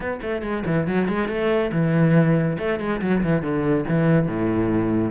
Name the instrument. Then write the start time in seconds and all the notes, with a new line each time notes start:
cello
0.00 B3
0.21 A3
0.42 G#3
0.66 E3
0.87 F#3
1.08 G#3
1.28 A3
1.71 E3
2.58 A3
2.79 G#3
3.01 F#3
3.23 E3
3.41 D3
3.88 E3
4.27 A2